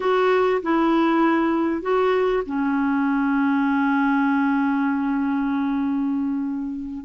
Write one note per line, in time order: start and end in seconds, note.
0.00 0.61 F#4
0.62 1.82 E4
1.82 2.43 F#4
2.45 7.05 C#4